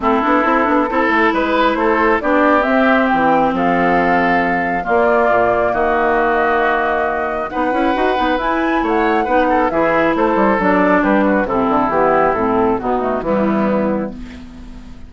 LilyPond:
<<
  \new Staff \with { instrumentName = "flute" } { \time 4/4 \tempo 4 = 136 a'2. b'4 | c''4 d''4 e''4 g''4 | f''2. d''4~ | d''4 dis''2.~ |
dis''4 fis''2 gis''4 | fis''2 e''4 c''4 | d''4 b'4 a'4 g'4 | a'4 fis'4 e'2 | }
  \new Staff \with { instrumentName = "oboe" } { \time 4/4 e'2 a'4 b'4 | a'4 g'2. | a'2. f'4~ | f'4 fis'2.~ |
fis'4 b'2. | cis''4 b'8 a'8 gis'4 a'4~ | a'4 g'8 fis'8 e'2~ | e'4 dis'4 b2 | }
  \new Staff \with { instrumentName = "clarinet" } { \time 4/4 c'8 d'8 e'8 d'8 e'2~ | e'4 d'4 c'2~ | c'2. ais4~ | ais1~ |
ais4 dis'8 e'8 fis'8 dis'8 e'4~ | e'4 dis'4 e'2 | d'2 c'4 b4 | c'4 b8 a8 g2 | }
  \new Staff \with { instrumentName = "bassoon" } { \time 4/4 a8 b8 c'8 b8 c'8 a8 gis4 | a4 b4 c'4 e4 | f2. ais4 | ais,4 dis2.~ |
dis4 b8 cis'8 dis'8 b8 e'4 | a4 b4 e4 a8 g8 | fis4 g4 c8 d8 e4 | a,4 b,4 e2 | }
>>